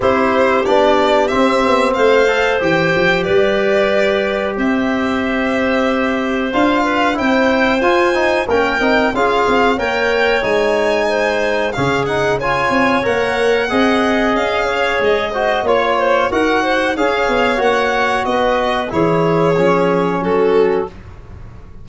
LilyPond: <<
  \new Staff \with { instrumentName = "violin" } { \time 4/4 \tempo 4 = 92 c''4 d''4 e''4 f''4 | g''4 d''2 e''4~ | e''2 f''4 g''4 | gis''4 g''4 f''4 g''4 |
gis''2 f''8 fis''8 gis''4 | fis''2 f''4 dis''4 | cis''4 fis''4 f''4 fis''4 | dis''4 cis''2 a'4 | }
  \new Staff \with { instrumentName = "clarinet" } { \time 4/4 g'2. c''4~ | c''4 b'2 c''4~ | c''2~ c''8 b'8 c''4~ | c''4 ais'4 gis'4 cis''4~ |
cis''4 c''4 gis'4 cis''4~ | cis''4 dis''4. cis''4 c''8 | cis''8 c''8 ais'8 c''8 cis''2 | b'4 gis'2 fis'4 | }
  \new Staff \with { instrumentName = "trombone" } { \time 4/4 e'4 d'4 c'4. a'8 | g'1~ | g'2 f'4 e'4 | f'8 dis'8 cis'8 dis'8 f'4 ais'4 |
dis'2 cis'8 dis'8 f'4 | ais'4 gis'2~ gis'8 fis'8 | f'4 fis'4 gis'4 fis'4~ | fis'4 e'4 cis'2 | }
  \new Staff \with { instrumentName = "tuba" } { \time 4/4 c'4 b4 c'8 b8 a4 | e8 f8 g2 c'4~ | c'2 d'4 c'4 | f'4 ais8 c'8 cis'8 c'8 ais4 |
gis2 cis4. c'8 | ais4 c'4 cis'4 gis4 | ais4 dis'4 cis'8 b8 ais4 | b4 e4 f4 fis4 | }
>>